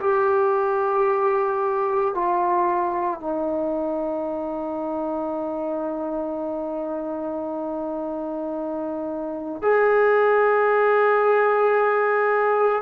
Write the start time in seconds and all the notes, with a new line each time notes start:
0.00 G4
2.14 F4
3.20 D#4
9.62 G#4